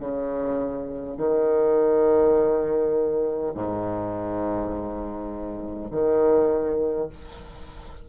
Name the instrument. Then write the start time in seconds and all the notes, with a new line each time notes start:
bassoon
0.00 C#3
1.17 D#3
3.54 G#2
5.91 D#3